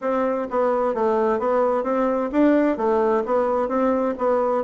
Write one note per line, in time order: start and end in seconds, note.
0.01 0.47 C4
0.50 0.94 B3
0.94 1.39 A3
1.39 1.83 B3
1.83 2.30 C4
2.32 2.77 D4
2.77 3.23 A3
3.25 3.68 B3
3.68 4.14 C4
4.17 4.64 B3